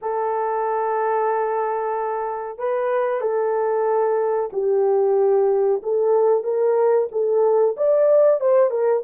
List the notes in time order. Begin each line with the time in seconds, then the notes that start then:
0.01 A4
2.58 B4
3.21 A4
4.52 G4
5.82 A4
6.43 A#4
7.11 A4
7.76 D5
8.40 C5
8.70 A#4